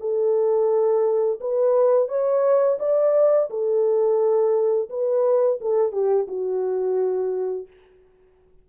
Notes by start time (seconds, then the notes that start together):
0.00 A4
1.41 B4
2.08 C#5
2.79 D5
3.50 A4
4.90 B4
5.61 A4
5.92 G4
6.28 F#4